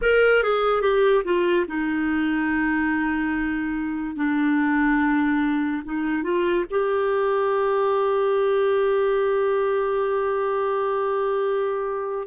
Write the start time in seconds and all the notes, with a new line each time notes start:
0.02 A#4
0.43 G#4
0.81 G4
1.24 F4
1.67 D#4
4.16 D4
5.84 D#4
6.23 F4
6.70 G4